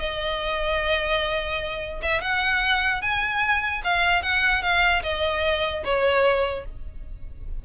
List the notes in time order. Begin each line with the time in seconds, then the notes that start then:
0.00 D#5
2.02 E5
2.22 F#5
3.02 G#5
3.85 F5
4.23 F#5
4.63 F5
5.03 D#5
5.85 C#5